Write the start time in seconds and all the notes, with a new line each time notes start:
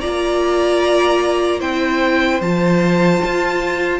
0.00 A#3 F4 D5 A#5
1.59 C4 E4 C5 G5
2.40 F3 F4 A5
3.25 F4